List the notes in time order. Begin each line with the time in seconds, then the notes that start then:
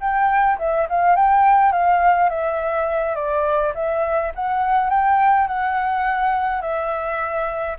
0.00 G5
0.59 E5
0.89 F5
1.16 G5
1.72 F5
2.29 E5
3.15 D5
3.74 E5
4.35 F#5
4.90 G5
5.47 F#5
6.62 E5